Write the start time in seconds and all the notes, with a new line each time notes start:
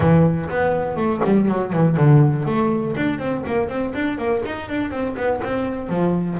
0.00 E3
0.49 B3
0.96 A3
1.24 G3
1.48 F#3
1.72 E3
1.96 D3
2.45 A3
2.96 D4
3.19 C4
3.46 A#3
3.68 C4
3.94 D4
4.17 A#3
4.45 D#4
4.69 D4
4.90 C4
5.16 B3
5.43 C4
5.89 F3